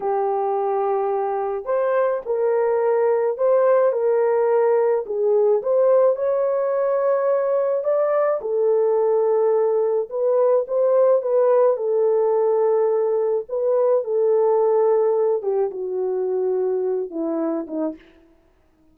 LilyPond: \new Staff \with { instrumentName = "horn" } { \time 4/4 \tempo 4 = 107 g'2. c''4 | ais'2 c''4 ais'4~ | ais'4 gis'4 c''4 cis''4~ | cis''2 d''4 a'4~ |
a'2 b'4 c''4 | b'4 a'2. | b'4 a'2~ a'8 g'8 | fis'2~ fis'8 e'4 dis'8 | }